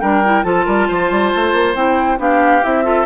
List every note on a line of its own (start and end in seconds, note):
0.00 0.44 G3
0.00 0.23 D4
0.00 0.45 A#4
0.00 0.44 G5
0.24 0.44 E4
0.44 0.66 F3
0.44 1.75 F4
0.44 0.65 A4
0.44 1.75 A5
0.65 0.89 G3
0.65 0.87 A#4
0.88 1.11 F3
0.88 2.19 C5
1.11 1.33 G3
1.36 1.53 A3
1.53 1.75 A#3
1.75 2.19 C4
1.75 2.18 E4
1.75 2.19 G5
2.18 2.63 B3
2.18 2.62 D4
2.18 2.84 G4
2.18 2.64 F5
2.62 3.06 C4
2.62 2.84 E4
2.62 3.06 E5
2.84 3.06 F4
2.84 3.06 A4